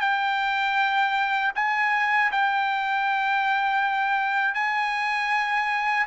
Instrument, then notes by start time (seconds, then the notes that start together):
trumpet
0.00 G5
1.55 G#5
2.31 G5
4.54 G#5